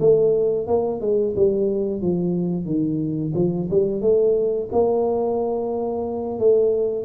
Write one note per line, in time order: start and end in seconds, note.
0.00 0.67 A3
0.67 1.01 A#3
1.01 1.35 G#3
1.36 2.02 G3
2.02 2.66 F3
2.66 3.33 D#3
3.36 3.69 F3
3.71 4.02 G3
4.02 4.69 A3
4.73 6.40 A#3
6.40 7.06 A3